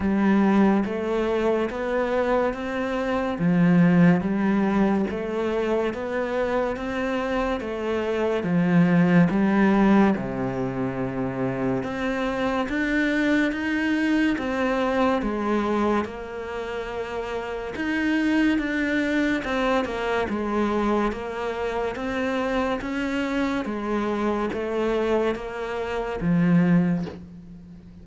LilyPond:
\new Staff \with { instrumentName = "cello" } { \time 4/4 \tempo 4 = 71 g4 a4 b4 c'4 | f4 g4 a4 b4 | c'4 a4 f4 g4 | c2 c'4 d'4 |
dis'4 c'4 gis4 ais4~ | ais4 dis'4 d'4 c'8 ais8 | gis4 ais4 c'4 cis'4 | gis4 a4 ais4 f4 | }